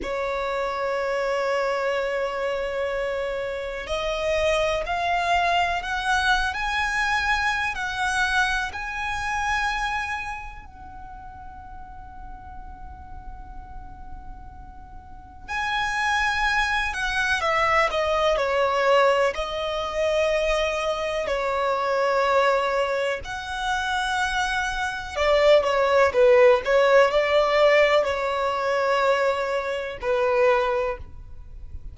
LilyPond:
\new Staff \with { instrumentName = "violin" } { \time 4/4 \tempo 4 = 62 cis''1 | dis''4 f''4 fis''8. gis''4~ gis''16 | fis''4 gis''2 fis''4~ | fis''1 |
gis''4. fis''8 e''8 dis''8 cis''4 | dis''2 cis''2 | fis''2 d''8 cis''8 b'8 cis''8 | d''4 cis''2 b'4 | }